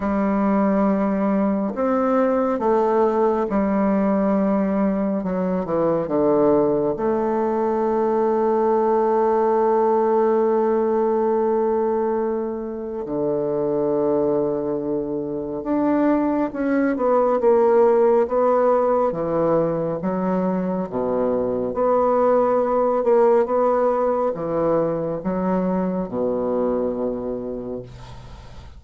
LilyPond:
\new Staff \with { instrumentName = "bassoon" } { \time 4/4 \tempo 4 = 69 g2 c'4 a4 | g2 fis8 e8 d4 | a1~ | a2. d4~ |
d2 d'4 cis'8 b8 | ais4 b4 e4 fis4 | b,4 b4. ais8 b4 | e4 fis4 b,2 | }